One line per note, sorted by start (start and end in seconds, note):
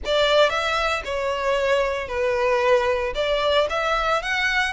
0.05 0.49 D5
0.49 1.02 E5
1.04 2.08 C#5
2.08 3.13 B4
3.14 3.67 D5
3.69 4.22 E5
4.22 4.73 F#5